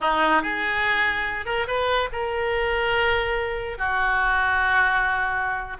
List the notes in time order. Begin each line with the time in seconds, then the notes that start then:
0.01 D#4
0.42 G#4
1.45 A#4
1.67 B4
2.12 A#4
3.77 F#4